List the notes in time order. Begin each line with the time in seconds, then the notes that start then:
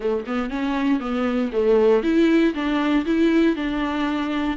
0.00 A3
0.26 B3
0.49 C#4
1.00 B3
1.52 A3
2.03 E4
2.54 D4
3.05 E4
3.55 D4